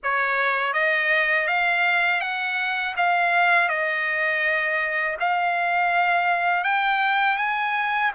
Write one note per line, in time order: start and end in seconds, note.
0.03 0.73 C#5
0.73 1.47 D#5
1.47 2.21 F5
2.21 2.95 F#5
2.96 3.68 F5
3.68 5.16 D#5
5.20 6.63 F5
6.63 7.37 G5
7.37 8.11 G#5